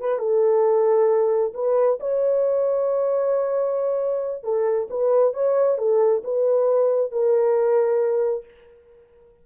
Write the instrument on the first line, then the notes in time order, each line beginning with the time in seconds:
horn
0.00 B4
0.19 A4
1.54 B4
2.00 C#5
4.43 A4
4.90 B4
5.33 C#5
5.78 A4
6.24 B4
7.11 A#4